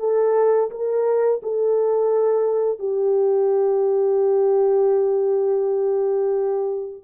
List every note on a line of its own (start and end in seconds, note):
0.00 0.71 A4
0.71 1.41 A#4
1.43 2.79 A4
2.79 7.03 G4